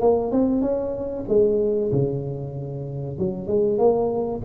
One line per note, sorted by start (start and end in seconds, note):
0.00 0.31 A#3
0.31 0.61 C4
0.61 1.25 C#4
1.28 1.91 G#3
1.92 3.18 C#3
3.18 3.47 F#3
3.47 3.78 G#3
3.78 4.41 A#3